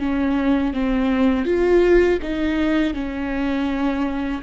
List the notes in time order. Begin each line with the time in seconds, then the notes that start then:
0.00 C#4
0.74 C4
1.45 F4
2.23 D#4
2.94 C#4